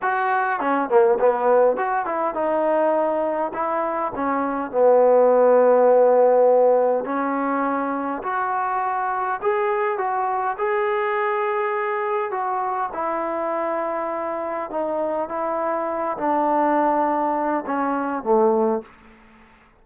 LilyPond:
\new Staff \with { instrumentName = "trombone" } { \time 4/4 \tempo 4 = 102 fis'4 cis'8 ais8 b4 fis'8 e'8 | dis'2 e'4 cis'4 | b1 | cis'2 fis'2 |
gis'4 fis'4 gis'2~ | gis'4 fis'4 e'2~ | e'4 dis'4 e'4. d'8~ | d'2 cis'4 a4 | }